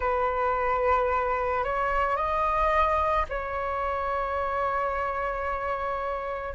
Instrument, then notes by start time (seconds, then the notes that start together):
flute
0.00 B4
1.64 C#5
2.16 D#5
3.29 C#5